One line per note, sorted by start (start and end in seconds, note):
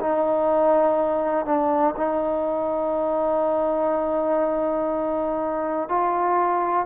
0.00 1.46 D#4
1.46 1.95 D4
1.97 5.89 D#4
5.89 6.87 F4